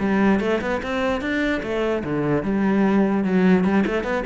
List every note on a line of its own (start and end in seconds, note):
0.00 0.40 G3
0.40 0.61 A3
0.61 0.82 B3
0.83 1.21 C4
1.21 1.62 D4
1.63 2.04 A3
2.04 2.44 D3
2.44 3.25 G3
3.25 3.65 F#3
3.65 3.85 G3
3.87 4.04 A3
4.04 4.24 B3